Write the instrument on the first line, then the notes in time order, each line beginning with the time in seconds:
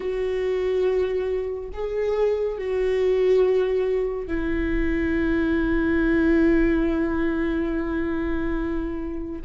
viola
0.00 F#4
1.73 G#4
2.58 F#4
4.27 E4